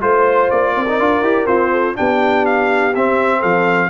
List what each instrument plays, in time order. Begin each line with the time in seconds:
0.00 tuba A3, trombone F4, trumpet C5, horn C5
0.50 tuba A#3, trumpet D5
0.72 tuba C4, horn A#4
0.88 trombone D#4
0.99 tuba D4, trombone F4
1.21 tuba E4, trombone G4
1.46 trombone C4, tuba F4, trumpet C5
1.71 horn A4
1.95 tuba B3, trombone D4, horn G4, trumpet G5
2.45 trumpet F5
2.94 tuba C4, trombone C4, trumpet E5
3.39 tuba F3, horn A4, trumpet F5